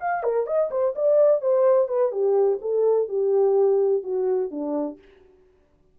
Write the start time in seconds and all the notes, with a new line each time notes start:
0.00 F5
0.23 A#4
0.46 D#5
0.71 C5
0.95 D5
1.41 C5
1.88 B4
2.12 G4
2.61 A4
3.08 G4
4.03 F#4
4.51 D4